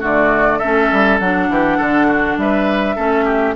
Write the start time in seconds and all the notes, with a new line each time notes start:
0.00 D3 A3 F#4 D5
0.58 A3 C#4 A4 E5
0.92 G3
1.19 F#3 D4 F#5
1.49 E3 G4
1.77 D3 A4
2.07 F#4
2.37 G3 B4 E5
2.96 A3 C#4 A4
3.25 G4